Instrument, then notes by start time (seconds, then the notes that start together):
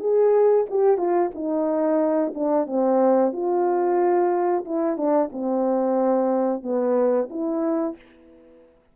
horn
0.00 G#4
0.70 G4
0.98 F4
1.35 D#4
2.35 D4
2.67 C4
3.33 F4
4.65 E4
4.97 D4
5.33 C4
6.63 B3
7.30 E4